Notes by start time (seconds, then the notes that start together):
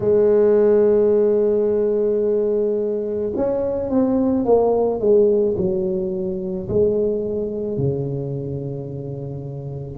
0.00 G#3
3.35 C#4
3.89 C4
4.45 A#3
4.99 G#3
5.57 F#3
6.68 G#3
7.77 C#3